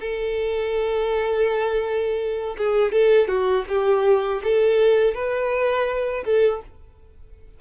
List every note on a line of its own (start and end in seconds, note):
0.00 2.56 A4
2.57 2.92 G#4
2.92 3.28 A4
3.28 3.65 F#4
3.68 4.41 G4
4.43 5.14 A4
5.14 6.24 B4
6.24 6.61 A4